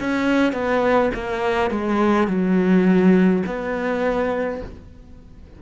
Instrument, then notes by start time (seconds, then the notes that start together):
cello
0.00 C#4
0.52 B3
1.14 A#3
1.70 G#3
2.27 F#3
3.46 B3